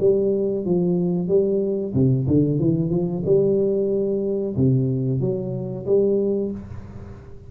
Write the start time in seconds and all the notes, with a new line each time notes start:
0.00 G3
0.65 F3
1.28 G3
1.94 C3
2.27 D3
2.59 E3
2.90 F3
3.25 G3
4.57 C3
5.21 F#3
5.86 G3